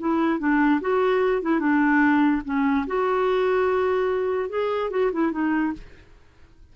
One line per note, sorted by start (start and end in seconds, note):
0.00 0.40 E4
0.40 0.81 D4
0.81 1.42 F#4
1.42 1.60 E4
1.60 2.42 D4
2.45 2.86 C#4
2.87 4.50 F#4
4.50 4.91 G#4
4.91 5.11 F#4
5.13 5.32 E4
5.32 5.73 D#4